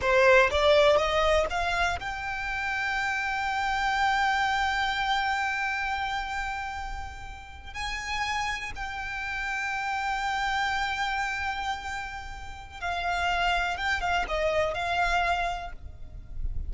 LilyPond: \new Staff \with { instrumentName = "violin" } { \time 4/4 \tempo 4 = 122 c''4 d''4 dis''4 f''4 | g''1~ | g''1~ | g''2.~ g''8. gis''16~ |
gis''4.~ gis''16 g''2~ g''16~ | g''1~ | g''2 f''2 | g''8 f''8 dis''4 f''2 | }